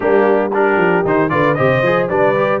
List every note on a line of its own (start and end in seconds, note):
0.00 0.76 G3
0.00 0.51 A#3
0.00 0.53 D4
0.00 0.52 G4
0.53 1.05 D4
0.53 1.31 G4
0.53 1.06 A#4
0.76 1.02 F3
1.04 1.30 D#3
1.04 1.29 D#4
1.04 1.29 C5
1.29 1.57 D3
1.29 1.55 F4
1.29 1.56 B4
1.29 1.54 D5
1.54 1.82 C3
1.54 1.83 G4
1.54 2.08 C5
1.54 2.06 D#5
1.82 2.08 F3
1.82 2.09 G#4
2.08 2.60 G3
2.08 2.36 D4
2.08 2.60 B4
2.08 2.60 D5
2.36 2.60 G4